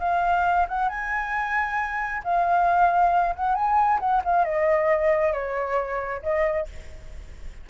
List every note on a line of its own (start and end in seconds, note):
0.00 0.67 F5
0.69 0.89 F#5
0.89 2.22 G#5
2.24 3.35 F5
3.36 3.55 F#5
3.55 3.99 G#5
4.00 4.22 F#5
4.24 4.45 F5
4.45 5.33 D#5
5.33 6.22 C#5
6.23 6.67 D#5